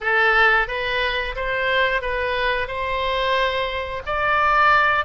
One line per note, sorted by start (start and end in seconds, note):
0.01 0.67 A4
0.67 1.35 B4
1.35 2.01 C5
2.01 2.67 B4
2.67 4.02 C5
4.05 5.05 D5